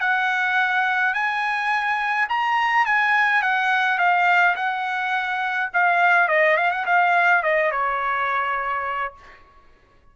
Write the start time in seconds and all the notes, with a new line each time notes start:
0.00 F#5
1.14 G#5
2.29 A#5
2.86 G#5
3.42 F#5
3.98 F5
4.56 F#5
5.73 F5
6.28 D#5
6.57 F5
6.71 F#5
6.86 F5
7.43 D#5
7.71 C#5